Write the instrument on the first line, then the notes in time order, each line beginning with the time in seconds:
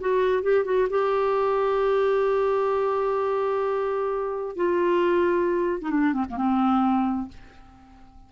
clarinet
0.00 F#4
0.43 G4
0.65 F#4
0.89 G4
4.56 F4
5.81 D#4
5.90 D4
6.13 C4
6.30 A#3
6.37 C4